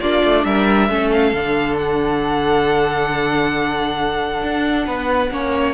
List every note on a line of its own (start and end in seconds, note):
0.00 0.23 A#3
0.00 0.89 D4
0.00 0.45 F4
0.00 0.44 D5
0.24 0.44 A3
0.44 0.89 G3
0.44 0.90 A#4
0.44 1.10 E5
0.89 1.33 A3
0.89 1.33 C#4
0.89 4.86 A4
1.12 1.77 F5
1.33 4.42 D3
1.33 5.31 D4
1.77 5.74 F#5
4.43 4.87 D4
4.86 5.30 B3
4.86 5.30 B4
5.30 5.74 A#3
5.30 5.74 C#4
5.30 5.74 C#5